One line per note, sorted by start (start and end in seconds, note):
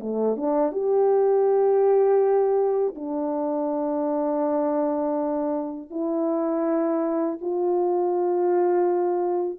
0.00 0.37 A3
0.37 0.72 D4
0.72 2.95 G4
2.96 5.91 D4
5.91 7.39 E4
7.41 9.59 F4